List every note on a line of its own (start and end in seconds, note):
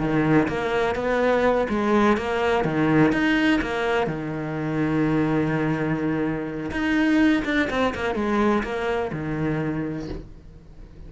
0.00 0.48 D#3
0.49 0.96 A#3
0.96 1.68 B3
1.70 2.18 G#3
2.18 2.65 A#3
2.65 3.13 D#3
3.13 3.61 D#4
3.62 4.07 A#3
4.07 6.71 D#3
6.72 7.44 D#4
7.45 7.69 D4
7.71 7.95 C4
7.95 8.15 A#3
8.15 8.63 G#3
8.64 9.12 A#3
9.13 10.09 D#3